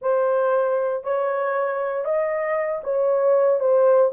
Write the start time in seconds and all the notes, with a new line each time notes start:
0.01 C5
1.03 C#5
2.04 D#5
2.83 C#5
3.59 C5